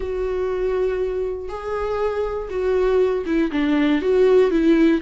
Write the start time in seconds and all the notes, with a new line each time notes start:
0.00 F#4
1.49 G#4
2.50 F#4
3.25 E4
3.51 D4
4.01 F#4
4.50 E4